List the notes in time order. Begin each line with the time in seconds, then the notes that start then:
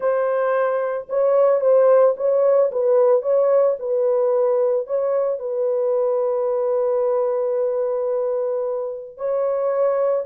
0.00 C5
1.09 C#5
1.60 C5
2.16 C#5
2.71 B4
3.22 C#5
3.79 B4
4.86 C#5
5.39 B4
9.17 C#5